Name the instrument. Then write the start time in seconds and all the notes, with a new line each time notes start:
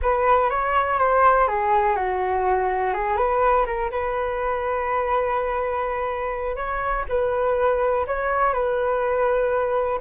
flute
0.02 B4
0.50 C#5
0.98 C5
1.47 G#4
1.96 F#4
2.93 G#4
3.17 B4
3.65 A#4
3.90 B4
6.56 C#5
7.08 B4
8.07 C#5
8.53 B4